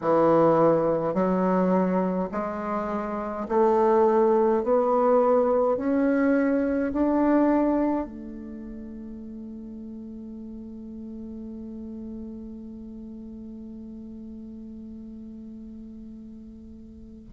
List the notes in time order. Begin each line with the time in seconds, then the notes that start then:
0.01 E3
1.13 F#3
2.31 G#3
3.48 A3
4.63 B3
5.76 C#4
6.92 D4
8.05 A3